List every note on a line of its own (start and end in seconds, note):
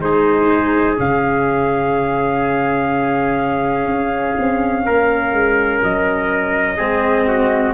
0.00 0.97 G#3
0.00 0.97 D#4
0.00 4.86 G#4
0.00 0.98 C5
0.97 3.86 C#3
0.97 6.78 C#4
0.97 5.83 F5
3.86 4.34 C#4
4.39 4.87 C4
4.86 5.32 A#3
4.86 6.77 A#4
5.32 5.81 G#3
5.83 6.80 F#3
5.83 7.74 D#5
6.77 7.74 G#3
6.77 7.74 C4
6.77 7.26 G#4
7.28 7.74 F#4